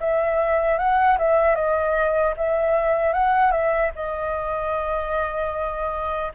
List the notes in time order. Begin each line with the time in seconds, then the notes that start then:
0.00 E5
0.79 F#5
1.18 E5
1.55 D#5
2.37 E5
3.13 F#5
3.52 E5
3.95 D#5